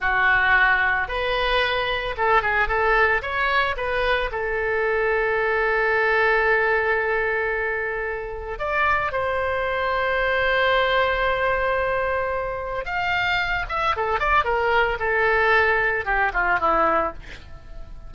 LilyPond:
\new Staff \with { instrumentName = "oboe" } { \time 4/4 \tempo 4 = 112 fis'2 b'2 | a'8 gis'8 a'4 cis''4 b'4 | a'1~ | a'1 |
d''4 c''2.~ | c''1 | f''4. e''8 a'8 d''8 ais'4 | a'2 g'8 f'8 e'4 | }